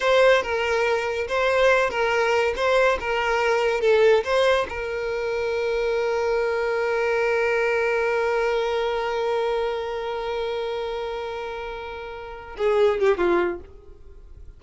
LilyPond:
\new Staff \with { instrumentName = "violin" } { \time 4/4 \tempo 4 = 141 c''4 ais'2 c''4~ | c''8 ais'4. c''4 ais'4~ | ais'4 a'4 c''4 ais'4~ | ais'1~ |
ais'1~ | ais'1~ | ais'1~ | ais'4. gis'4 g'8 f'4 | }